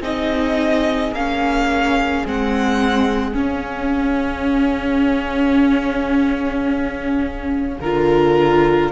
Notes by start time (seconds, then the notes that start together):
0.00 C4 D#4 G#4 D#5
1.12 A#3 C#4 F5
2.25 G#3 C4 F#5
3.33 C#4 F5
7.80 D3 F4 A#4